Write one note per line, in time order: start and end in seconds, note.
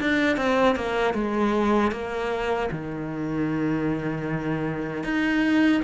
0.00 0.37 D4
0.37 0.76 C4
0.76 1.14 A#3
1.14 1.92 G#3
1.92 2.70 A#3
2.71 5.04 D#3
5.04 5.82 D#4